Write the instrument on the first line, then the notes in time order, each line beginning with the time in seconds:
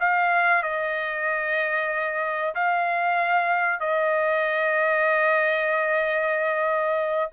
trumpet
0.00 F5
0.63 D#5
2.55 F5
3.80 D#5